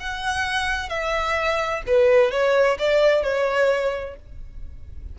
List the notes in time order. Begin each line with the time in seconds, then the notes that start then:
0.00 F#5
0.89 E5
1.87 B4
2.31 C#5
2.79 D5
3.23 C#5